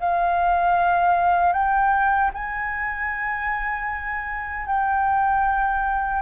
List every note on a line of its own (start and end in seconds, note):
0.00 1.53 F5
1.53 2.31 G5
2.34 4.66 G#5
4.66 6.22 G5